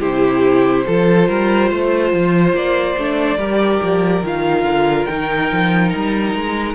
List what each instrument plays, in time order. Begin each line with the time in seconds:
0.00 cello C3, viola E4, violin G4 C5
0.87 cello F3, viola F4, violin A4
1.29 cello G3, violin A#4
1.69 cello A3, violin C5
2.13 cello F3
2.53 cello A#3, violin D5
2.98 cello A3, viola D4
3.38 cello G3, viola G4, violin A#4
3.83 cello F3
4.23 cello D#3, viola F4, violin F5
4.64 cello D3
5.06 cello D#3, viola D#4, violin G5
5.52 cello F3
5.90 cello G3, violin A#5
6.36 cello G#3